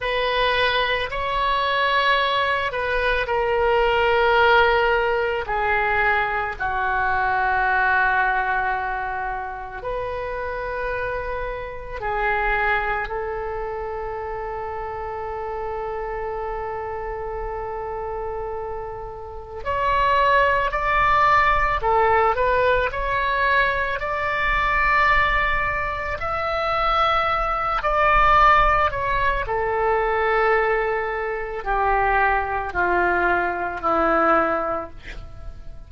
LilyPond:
\new Staff \with { instrumentName = "oboe" } { \time 4/4 \tempo 4 = 55 b'4 cis''4. b'8 ais'4~ | ais'4 gis'4 fis'2~ | fis'4 b'2 gis'4 | a'1~ |
a'2 cis''4 d''4 | a'8 b'8 cis''4 d''2 | e''4. d''4 cis''8 a'4~ | a'4 g'4 f'4 e'4 | }